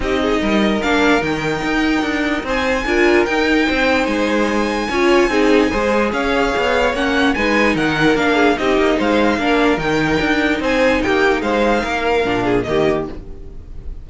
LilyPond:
<<
  \new Staff \with { instrumentName = "violin" } { \time 4/4 \tempo 4 = 147 dis''2 f''4 g''4~ | g''2 gis''2 | g''2 gis''2~ | gis''2. f''4~ |
f''4 fis''4 gis''4 fis''4 | f''4 dis''4 f''2 | g''2 gis''4 g''4 | f''2. dis''4 | }
  \new Staff \with { instrumentName = "violin" } { \time 4/4 g'8 gis'8 ais'2.~ | ais'2 c''4 ais'4~ | ais'4 c''2. | cis''4 gis'4 c''4 cis''4~ |
cis''2 b'4 ais'4~ | ais'8 gis'8 g'4 c''4 ais'4~ | ais'2 c''4 g'4 | c''4 ais'4. gis'8 g'4 | }
  \new Staff \with { instrumentName = "viola" } { \time 4/4 dis'2 d'4 dis'4~ | dis'2. f'4 | dis'1 | f'4 dis'4 gis'2~ |
gis'4 cis'4 dis'2 | d'4 dis'2 d'4 | dis'1~ | dis'2 d'4 ais4 | }
  \new Staff \with { instrumentName = "cello" } { \time 4/4 c'4 g4 ais4 dis4 | dis'4 d'4 c'4 d'4 | dis'4 c'4 gis2 | cis'4 c'4 gis4 cis'4 |
b4 ais4 gis4 dis4 | ais4 c'8 ais8 gis4 ais4 | dis4 d'4 c'4 ais4 | gis4 ais4 ais,4 dis4 | }
>>